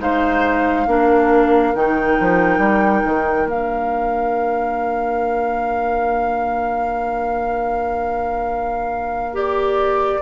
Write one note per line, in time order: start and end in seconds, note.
0.00 0.87 G#3
0.00 0.87 D#4
0.00 0.87 C5
0.00 1.75 F5
0.87 1.74 A#3
0.87 1.74 D4
0.87 10.22 A#4
1.75 2.19 D#3
1.75 3.49 D#4
1.75 3.49 G5
2.20 2.59 F3
2.59 3.02 G3
3.05 3.46 D#3
3.46 10.20 A#3
3.46 9.33 D4
3.46 9.37 F5
9.33 10.20 G4
9.33 10.22 D5